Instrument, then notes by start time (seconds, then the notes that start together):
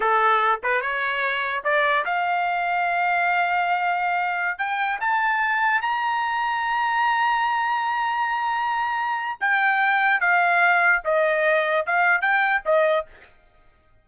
trumpet
0.00 A4
0.63 B4
0.81 C#5
1.64 D5
2.05 F5
4.58 G5
5.00 A5
5.81 A#5
9.40 G5
10.20 F5
11.04 D#5
11.86 F5
12.21 G5
12.65 D#5